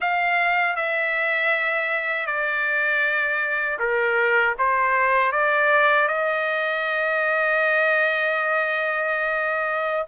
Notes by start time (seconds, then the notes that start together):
0.00 F5
0.76 E5
2.26 D5
3.79 A#4
4.58 C5
5.32 D5
6.08 D#5